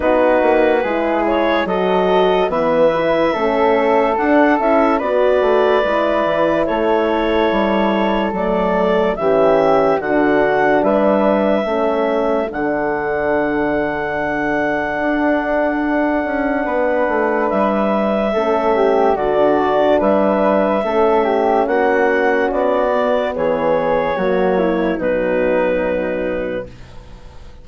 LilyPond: <<
  \new Staff \with { instrumentName = "clarinet" } { \time 4/4 \tempo 4 = 72 b'4. cis''8 dis''4 e''4~ | e''4 fis''8 e''8 d''2 | cis''2 d''4 e''4 | fis''4 e''2 fis''4~ |
fis''1~ | fis''4 e''2 d''4 | e''2 fis''4 d''4 | cis''2 b'2 | }
  \new Staff \with { instrumentName = "flute" } { \time 4/4 fis'4 gis'4 a'4 b'4 | a'2 b'2 | a'2. g'4 | fis'4 b'4 a'2~ |
a'1 | b'2 a'8 g'8 fis'4 | b'4 a'8 g'8 fis'2 | gis'4 fis'8 e'8 dis'2 | }
  \new Staff \with { instrumentName = "horn" } { \time 4/4 dis'4 e'4 fis'4 b8 e'8 | cis'4 d'8 e'8 fis'4 e'4~ | e'2 a4 cis'4 | d'2 cis'4 d'4~ |
d'1~ | d'2 cis'4 d'4~ | d'4 cis'2~ cis'8 b8~ | b4 ais4 fis2 | }
  \new Staff \with { instrumentName = "bassoon" } { \time 4/4 b8 ais8 gis4 fis4 e4 | a4 d'8 cis'8 b8 a8 gis8 e8 | a4 g4 fis4 e4 | d4 g4 a4 d4~ |
d2 d'4. cis'8 | b8 a8 g4 a4 d4 | g4 a4 ais4 b4 | e4 fis4 b,2 | }
>>